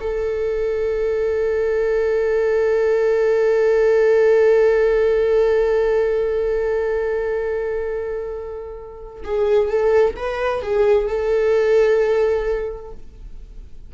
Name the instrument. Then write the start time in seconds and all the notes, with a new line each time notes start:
viola
0.00 A4
9.24 G#4
9.68 A4
10.16 B4
10.62 G#4
11.07 A4